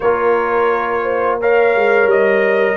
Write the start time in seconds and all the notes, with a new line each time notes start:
0.00 A#3 F4 A#4 C#5
1.02 C5
1.40 A#4 C#5 F5
1.74 G#3
2.05 G3 D#5